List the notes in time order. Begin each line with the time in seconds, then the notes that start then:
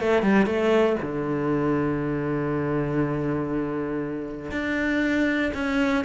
0.00 A3
0.22 G3
0.46 A3
1.02 D3
4.51 D4
5.54 C#4